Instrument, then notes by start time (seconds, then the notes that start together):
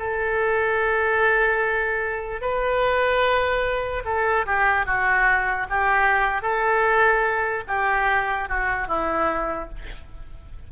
oboe
0.00 A4
2.42 B4
4.05 A4
4.46 G4
4.86 F#4
5.70 G4
6.42 A4
7.68 G4
8.49 F#4
8.88 E4